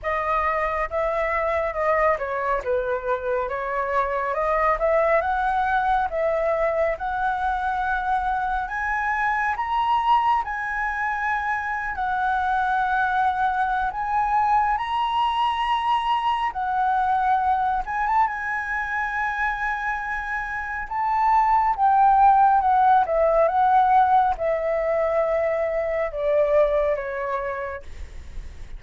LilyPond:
\new Staff \with { instrumentName = "flute" } { \time 4/4 \tempo 4 = 69 dis''4 e''4 dis''8 cis''8 b'4 | cis''4 dis''8 e''8 fis''4 e''4 | fis''2 gis''4 ais''4 | gis''4.~ gis''16 fis''2~ fis''16 |
gis''4 ais''2 fis''4~ | fis''8 gis''16 a''16 gis''2. | a''4 g''4 fis''8 e''8 fis''4 | e''2 d''4 cis''4 | }